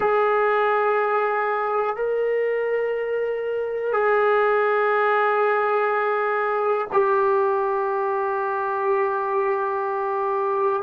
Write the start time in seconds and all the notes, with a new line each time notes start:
0.00 G#4
1.95 A#4
3.92 G#4
6.92 G4